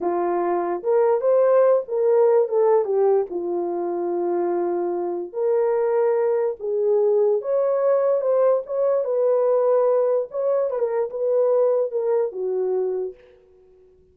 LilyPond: \new Staff \with { instrumentName = "horn" } { \time 4/4 \tempo 4 = 146 f'2 ais'4 c''4~ | c''8 ais'4. a'4 g'4 | f'1~ | f'4 ais'2. |
gis'2 cis''2 | c''4 cis''4 b'2~ | b'4 cis''4 b'16 ais'8. b'4~ | b'4 ais'4 fis'2 | }